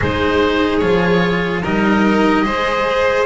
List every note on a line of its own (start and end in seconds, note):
0.00 0.81 G#3
0.00 0.81 D#4
0.00 1.62 G#4
0.00 0.78 C5
0.78 1.63 F3
0.78 1.64 F4
0.78 1.60 C#5
1.62 2.45 G3
1.62 2.44 D#4
1.62 2.44 A#4
1.62 3.25 D#5
2.44 3.25 G#3
2.44 3.25 G#4
2.44 3.25 C5